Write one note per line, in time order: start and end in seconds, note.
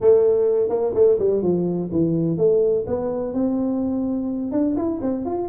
0.00 0.69 A3
0.69 0.93 A#3
0.94 1.18 A3
1.18 1.42 G3
1.42 1.90 F3
1.91 2.37 E3
2.37 2.85 A3
2.87 3.33 B3
3.33 4.51 C4
4.51 4.75 D4
4.76 5.00 E4
5.01 5.25 C4
5.25 5.48 F4